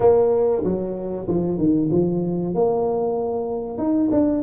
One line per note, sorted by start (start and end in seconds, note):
0.00 0.63 A#3
0.63 1.27 F#3
1.28 1.58 F3
1.58 1.89 D#3
1.91 2.54 F3
2.54 3.78 A#3
3.78 4.09 D#4
4.11 4.42 D4